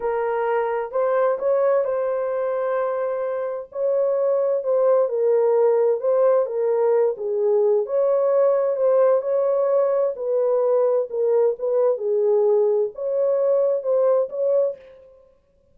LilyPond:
\new Staff \with { instrumentName = "horn" } { \time 4/4 \tempo 4 = 130 ais'2 c''4 cis''4 | c''1 | cis''2 c''4 ais'4~ | ais'4 c''4 ais'4. gis'8~ |
gis'4 cis''2 c''4 | cis''2 b'2 | ais'4 b'4 gis'2 | cis''2 c''4 cis''4 | }